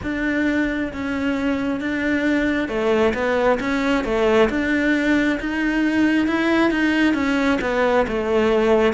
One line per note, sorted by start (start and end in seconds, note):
0.02 0.92 D4
0.93 1.80 C#4
1.80 2.68 D4
2.68 3.13 A3
3.13 3.58 B3
3.60 4.04 C#4
4.04 4.49 A3
4.49 5.39 D4
5.40 6.27 D#4
6.27 6.70 E4
6.70 7.14 D#4
7.14 7.58 C#4
7.61 8.06 B3
8.07 8.93 A3